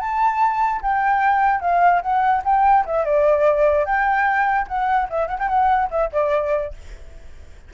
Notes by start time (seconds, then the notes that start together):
0.00 A5
0.82 G5
1.61 F5
2.02 F#5
2.45 G5
2.86 E5
3.05 D5
3.85 G5
4.68 F#5
5.10 E5
5.28 F#5
5.39 G5
5.49 F#5
5.91 E5
6.13 D5